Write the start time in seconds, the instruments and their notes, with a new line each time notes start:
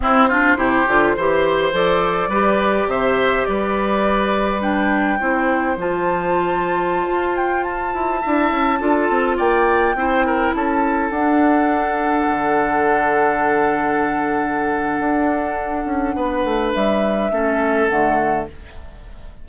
0.00 clarinet C4, bassoon C4, oboe E4, flute C5
0.28 clarinet D4, oboe F4
0.56 bassoon C3, clarinet E4, oboe G4
0.87 bassoon D3, clarinet F4
1.16 bassoon E3, clarinet G4, oboe C5
1.72 bassoon F3, clarinet A4, flute D5
2.27 bassoon G3, clarinet G4, oboe B4
2.86 bassoon C3, oboe C5, flute E5
3.45 bassoon G3, oboe B4, flute D5
4.60 clarinet D4, flute G5
5.19 bassoon C4, clarinet E4, oboe C5
5.76 bassoon F3, clarinet F4, flute A5
7.07 bassoon F4
7.36 flute G5
7.63 flute A5
7.94 bassoon E4
8.21 bassoon D4, clarinet E4, oboe E5
8.51 bassoon C#4
8.79 bassoon D4, clarinet F4, oboe A4
9.09 bassoon C4
9.36 bassoon A#3, oboe D5, flute G5
9.95 bassoon C4, clarinet E4, oboe C5
10.25 oboe A#4
10.54 bassoon C#4, oboe A4, flute A5
11.10 bassoon D4, clarinet D4, flute F#5
12.28 bassoon D3
14.99 bassoon D4
15.85 bassoon C#4
16.15 bassoon B3, oboe B4
16.44 bassoon A3
16.74 bassoon G3, flute E5
17.31 bassoon A3, clarinet C#4, oboe A4
17.87 bassoon D3, clarinet A3, flute F#5